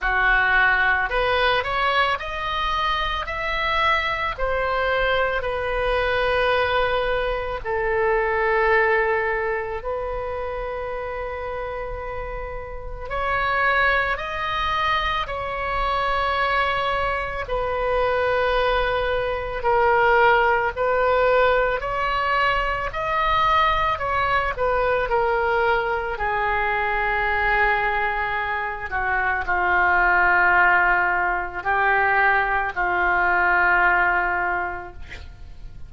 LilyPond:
\new Staff \with { instrumentName = "oboe" } { \time 4/4 \tempo 4 = 55 fis'4 b'8 cis''8 dis''4 e''4 | c''4 b'2 a'4~ | a'4 b'2. | cis''4 dis''4 cis''2 |
b'2 ais'4 b'4 | cis''4 dis''4 cis''8 b'8 ais'4 | gis'2~ gis'8 fis'8 f'4~ | f'4 g'4 f'2 | }